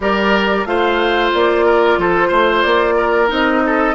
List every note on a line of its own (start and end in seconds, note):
0.00 0.65 G3
0.00 0.66 G4
0.00 0.67 A#4
0.00 0.65 D5
0.65 1.31 A3
0.65 3.28 F4
0.65 1.65 C5
0.65 1.31 F5
1.34 1.97 A#3
1.34 1.99 D5
1.65 1.98 A#4
1.97 2.30 F3
1.97 2.28 A4
1.97 2.61 C5
2.28 2.63 A3
2.28 2.94 C5
2.61 3.30 A#3
2.61 3.27 D5
2.96 3.62 A#4
3.28 3.94 C4
3.28 3.94 D#4
3.28 3.94 D#5
3.66 3.94 A4